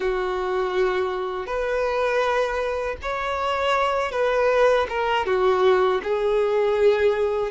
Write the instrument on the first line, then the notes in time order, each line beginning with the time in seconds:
violin
0.00 F#4
1.46 B4
3.02 C#5
4.11 B4
4.89 A#4
5.26 F#4
6.03 G#4